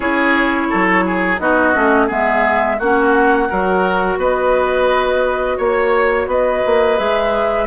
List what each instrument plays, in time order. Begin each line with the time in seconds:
0.00 bassoon C#4, clarinet E4, oboe G#4, flute C#5
0.69 bassoon F#3, oboe A4
1.06 oboe G#4
1.38 bassoon B3, clarinet D#4, oboe F#4, flute D#5
1.73 bassoon A3, clarinet C#4
2.06 bassoon G#3, clarinet B3, oboe G#4, flute E5
2.78 bassoon A#3, clarinet C#4, oboe F#4, flute F#5
3.48 bassoon F#3, clarinet F#4, oboe A#4
4.17 bassoon B3, oboe B4, flute D#5
5.57 bassoon A#3, oboe C#5, flute C#5
6.26 bassoon B3, oboe B4, flute D#5
6.65 bassoon A#3
6.97 bassoon G#3, clarinet G#4, flute E5